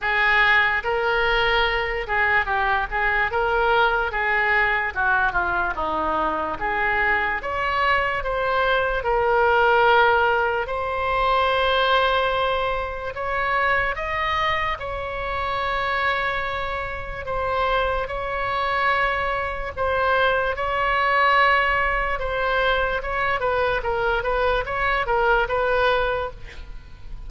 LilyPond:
\new Staff \with { instrumentName = "oboe" } { \time 4/4 \tempo 4 = 73 gis'4 ais'4. gis'8 g'8 gis'8 | ais'4 gis'4 fis'8 f'8 dis'4 | gis'4 cis''4 c''4 ais'4~ | ais'4 c''2. |
cis''4 dis''4 cis''2~ | cis''4 c''4 cis''2 | c''4 cis''2 c''4 | cis''8 b'8 ais'8 b'8 cis''8 ais'8 b'4 | }